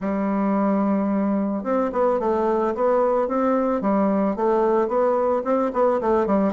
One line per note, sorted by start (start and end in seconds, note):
0.00 1.63 G3
1.63 1.91 C4
1.92 2.19 B3
2.19 2.74 A3
2.74 3.28 B3
3.28 3.81 C4
3.81 4.35 G3
4.36 4.88 A3
4.88 5.42 B3
5.44 5.71 C4
5.73 6.00 B3
6.00 6.26 A3
6.26 6.53 G3